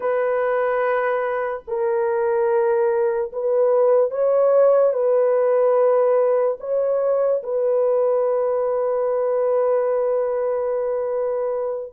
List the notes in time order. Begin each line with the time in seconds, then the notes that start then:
0.00 B4
1.67 A#4
3.32 B4
4.11 C#5
4.93 B4
6.59 C#5
7.43 B4